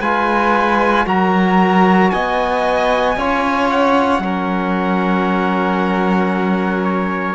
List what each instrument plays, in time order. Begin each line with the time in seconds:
0.00 cello G#3, trombone F4, violin B4, trumpet G#5
1.06 cello F#3, trombone F#4, violin A#4, trumpet A#5
2.10 cello B3, violin D#5, trumpet G#5
3.16 cello C#4, trombone F4, violin C#5
3.70 trumpet F#5
4.18 cello F#3, trombone C#4, violin A#4
6.84 trumpet C#5